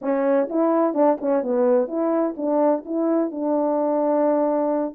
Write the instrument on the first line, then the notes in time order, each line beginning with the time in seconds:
horn
0.01 C#4
0.49 E4
0.94 D4
1.20 C#4
1.42 B3
1.87 E4
2.36 D4
2.85 E4
3.31 D4